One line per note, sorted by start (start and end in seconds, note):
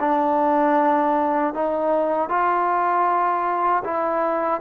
0.00 1.54 D4
1.54 2.29 D#4
2.29 3.83 F4
3.85 4.61 E4